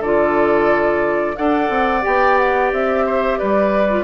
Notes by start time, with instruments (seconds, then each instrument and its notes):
0.00 bassoon D3, clarinet F4, oboe A4, flute D5
1.35 bassoon D4, clarinet A4, oboe D5, flute F#5
1.69 bassoon C4
2.02 bassoon B3, clarinet G4, flute G5
2.37 flute F#5
2.72 bassoon C4, flute E5
3.06 oboe C5
3.38 bassoon G3, oboe B4, flute D5
3.89 clarinet F4